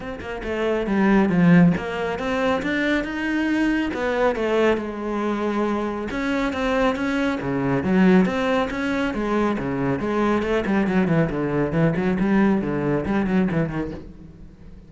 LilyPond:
\new Staff \with { instrumentName = "cello" } { \time 4/4 \tempo 4 = 138 c'8 ais8 a4 g4 f4 | ais4 c'4 d'4 dis'4~ | dis'4 b4 a4 gis4~ | gis2 cis'4 c'4 |
cis'4 cis4 fis4 c'4 | cis'4 gis4 cis4 gis4 | a8 g8 fis8 e8 d4 e8 fis8 | g4 d4 g8 fis8 e8 dis8 | }